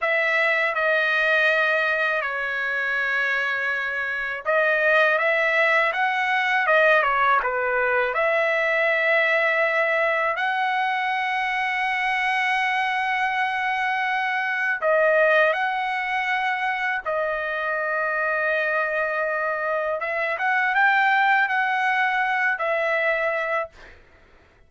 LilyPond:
\new Staff \with { instrumentName = "trumpet" } { \time 4/4 \tempo 4 = 81 e''4 dis''2 cis''4~ | cis''2 dis''4 e''4 | fis''4 dis''8 cis''8 b'4 e''4~ | e''2 fis''2~ |
fis''1 | dis''4 fis''2 dis''4~ | dis''2. e''8 fis''8 | g''4 fis''4. e''4. | }